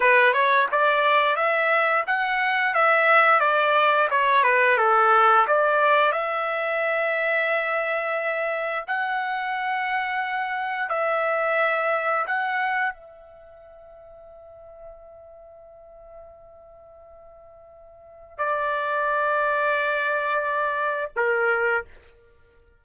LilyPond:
\new Staff \with { instrumentName = "trumpet" } { \time 4/4 \tempo 4 = 88 b'8 cis''8 d''4 e''4 fis''4 | e''4 d''4 cis''8 b'8 a'4 | d''4 e''2.~ | e''4 fis''2. |
e''2 fis''4 e''4~ | e''1~ | e''2. d''4~ | d''2. ais'4 | }